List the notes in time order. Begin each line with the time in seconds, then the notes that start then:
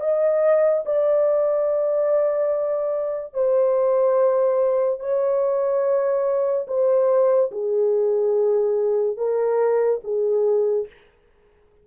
0.00 D#5
0.85 D5
3.33 C5
4.99 C#5
6.67 C5
7.51 G#4
9.17 A#4
10.03 G#4